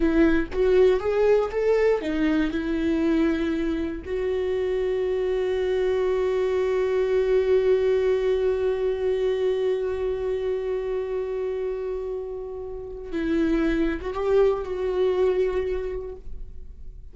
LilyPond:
\new Staff \with { instrumentName = "viola" } { \time 4/4 \tempo 4 = 119 e'4 fis'4 gis'4 a'4 | dis'4 e'2. | fis'1~ | fis'1~ |
fis'1~ | fis'1~ | fis'2 e'4.~ e'16 fis'16 | g'4 fis'2. | }